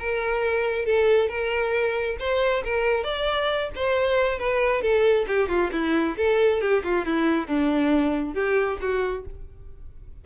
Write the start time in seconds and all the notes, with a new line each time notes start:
0.00 A#4
0.86 A4
1.29 A#4
2.20 C5
2.65 A#4
3.04 D5
3.76 C5
4.39 B4
4.82 A4
5.28 G4
5.49 F4
5.73 E4
6.18 A4
6.62 G4
6.84 F4
7.06 E4
7.48 D4
8.35 G4
8.82 F#4